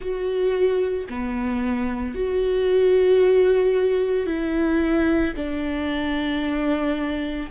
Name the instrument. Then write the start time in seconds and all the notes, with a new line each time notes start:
viola
0.00 F#4
1.09 B3
2.14 F#4
4.26 E4
5.36 D4